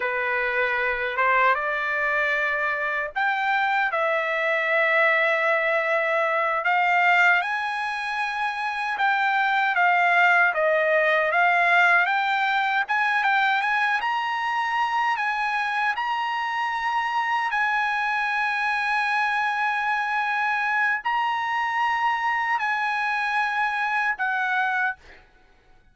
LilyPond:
\new Staff \with { instrumentName = "trumpet" } { \time 4/4 \tempo 4 = 77 b'4. c''8 d''2 | g''4 e''2.~ | e''8 f''4 gis''2 g''8~ | g''8 f''4 dis''4 f''4 g''8~ |
g''8 gis''8 g''8 gis''8 ais''4. gis''8~ | gis''8 ais''2 gis''4.~ | gis''2. ais''4~ | ais''4 gis''2 fis''4 | }